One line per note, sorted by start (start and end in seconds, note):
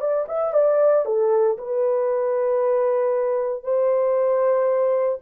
0.00 0.26 D5
0.28 0.54 E5
0.54 1.05 D5
1.05 1.57 A4
1.58 3.63 B4
3.63 5.19 C5